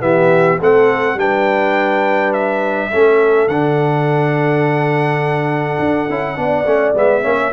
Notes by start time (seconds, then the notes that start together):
0.00 E3 B3 G4 E5
0.59 A3 C4 A4 F#5
1.14 G3 D4 B4 G5
2.33 E5
2.91 A3 C#4 A4
3.48 D3 D4 F#5
5.79 D4
6.09 C#4 E4
6.36 B3 D4 D5
6.65 A3 C#4
6.94 G#3 B3 E5
7.22 A#3 C#4 C#5